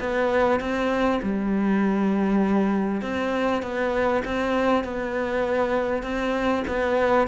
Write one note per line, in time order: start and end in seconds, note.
0.00 0.60 B3
0.60 1.21 C4
1.22 3.02 G3
3.02 3.62 C4
3.62 4.23 B3
4.25 4.84 C4
4.84 6.03 B3
6.03 6.64 C4
6.67 7.28 B3